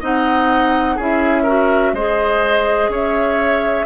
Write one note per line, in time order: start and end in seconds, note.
0.00 0.98 C4
0.00 0.98 D#4
0.00 0.96 D#5
0.00 1.01 F#5
0.96 1.93 C#4
0.96 1.47 E4
0.96 1.43 G#4
0.96 1.94 E5
1.43 1.95 F#4
1.43 1.91 A#4
1.93 2.89 G#3
1.93 3.86 G#4
1.93 2.91 C5
1.93 2.91 D#5
2.89 3.85 C#4
2.89 3.86 C#5
2.95 3.86 E5